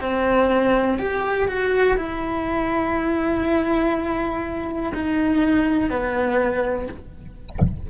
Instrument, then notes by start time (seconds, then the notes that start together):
cello
0.00 C4
0.98 G4
1.48 F#4
1.97 E4
4.93 D#4
5.90 B3